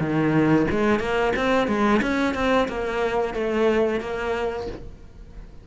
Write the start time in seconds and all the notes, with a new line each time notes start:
0.00 D#3
0.71 G#3
1.00 A#3
1.37 C4
1.68 G#3
2.03 C#4
2.35 C4
2.69 A#3
3.35 A3
4.01 A#3